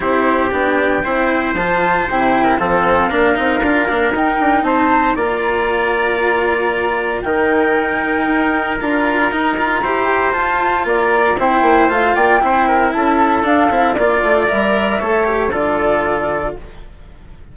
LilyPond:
<<
  \new Staff \with { instrumentName = "flute" } { \time 4/4 \tempo 4 = 116 c''4 g''2 a''4 | g''4 f''2. | g''4 a''4 ais''2~ | ais''2 g''2~ |
g''4 ais''2. | a''4 ais''4 g''4 f''8 g''8~ | g''4 a''4 f''4 d''4 | e''2 d''2 | }
  \new Staff \with { instrumentName = "trumpet" } { \time 4/4 g'2 c''2~ | c''8. ais'16 a'4 ais'2~ | ais'4 c''4 d''2~ | d''2 ais'2~ |
ais'2. c''4~ | c''4 d''4 c''4. d''8 | c''8 ais'8 a'2 d''4~ | d''4 cis''4 a'2 | }
  \new Staff \with { instrumentName = "cello" } { \time 4/4 e'4 d'4 e'4 f'4 | e'4 c'4 d'8 dis'8 f'8 d'8 | dis'2 f'2~ | f'2 dis'2~ |
dis'4 f'4 dis'8 f'8 g'4 | f'2 e'4 f'4 | e'2 d'8 e'8 f'4 | ais'4 a'8 g'8 f'2 | }
  \new Staff \with { instrumentName = "bassoon" } { \time 4/4 c'4 b4 c'4 f4 | c4 f4 ais8 c'8 d'8 ais8 | dis'8 d'8 c'4 ais2~ | ais2 dis2 |
dis'4 d'4 dis'4 e'4 | f'4 ais4 c'8 ais8 a8 ais8 | c'4 cis'4 d'8 c'8 ais8 a8 | g4 a4 d2 | }
>>